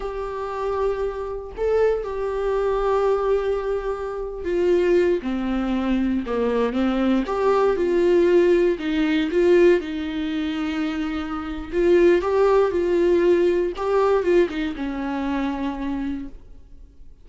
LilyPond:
\new Staff \with { instrumentName = "viola" } { \time 4/4 \tempo 4 = 118 g'2. a'4 | g'1~ | g'8. f'4. c'4.~ c'16~ | c'16 ais4 c'4 g'4 f'8.~ |
f'4~ f'16 dis'4 f'4 dis'8.~ | dis'2. f'4 | g'4 f'2 g'4 | f'8 dis'8 cis'2. | }